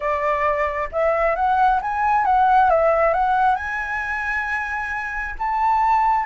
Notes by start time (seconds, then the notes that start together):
0.00 D5
0.91 E5
1.35 F#5
1.81 G#5
2.25 F#5
2.69 E5
3.13 F#5
3.55 G#5
5.38 A5